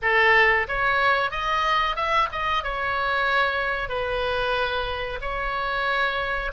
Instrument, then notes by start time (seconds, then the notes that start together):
oboe
0.01 A4
0.68 C#5
1.30 D#5
1.96 E5
2.32 D#5
2.63 C#5
3.88 B4
5.21 C#5